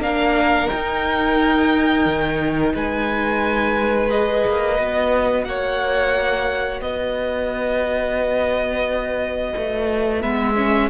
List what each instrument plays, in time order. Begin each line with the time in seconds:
0.00 cello A#3, viola D4, violin A#4 F5
0.68 viola D#4, violin G5
0.74 cello D#4
2.06 cello D#3
2.74 cello G#3, violin B4 G#5
4.10 viola G#4, violin D#5
4.46 cello A#3
4.76 cello B3, viola F#4
5.45 cello A#3, violin C#5 F#5
6.81 cello B3, violin B4 D#5
9.57 cello A3
10.20 cello G#3, viola B3, violin E5
10.57 viola C#4